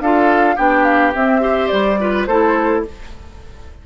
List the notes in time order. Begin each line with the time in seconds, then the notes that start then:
0.00 D4 F4 A4 F5
0.56 B3 D4 G4 G5
0.84 F5
1.15 C4 E5
1.41 G4 C5
1.68 G3 D5
2.00 F4 B4
2.26 A3 E4 A4 C5